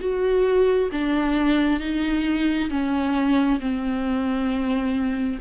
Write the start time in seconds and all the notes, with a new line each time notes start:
0.00 F#4
0.92 D4
1.80 D#4
2.70 C#4
3.60 C4